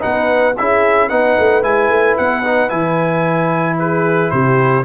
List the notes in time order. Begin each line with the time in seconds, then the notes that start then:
0.00 B3 D#4 B4 F#5
0.57 C#4 E4 G#4 E5
1.09 B3 D#4 B4 F#5
1.38 A3
1.62 G#3 E4 G#5
1.89 A3
2.17 B3 F#5
2.43 D#4
2.69 E3 E4 G#5
3.78 G#4 B4
4.30 C3 G4 C5